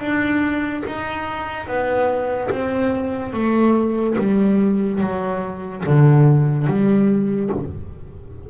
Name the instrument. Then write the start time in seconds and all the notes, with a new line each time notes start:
double bass
0.00 D4
0.86 D#4
1.67 B3
2.50 C4
3.33 A3
4.18 G3
5.01 F#3
5.86 D3
6.67 G3